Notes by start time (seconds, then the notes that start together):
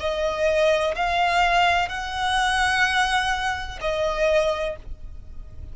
0.00 D#5
0.96 F5
1.89 F#5
3.81 D#5